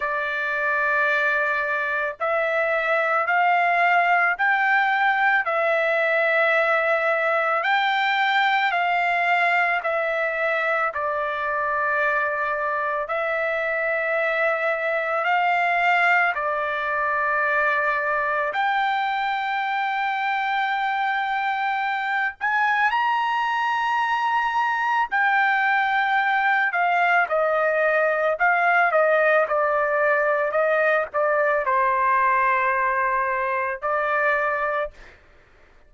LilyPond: \new Staff \with { instrumentName = "trumpet" } { \time 4/4 \tempo 4 = 55 d''2 e''4 f''4 | g''4 e''2 g''4 | f''4 e''4 d''2 | e''2 f''4 d''4~ |
d''4 g''2.~ | g''8 gis''8 ais''2 g''4~ | g''8 f''8 dis''4 f''8 dis''8 d''4 | dis''8 d''8 c''2 d''4 | }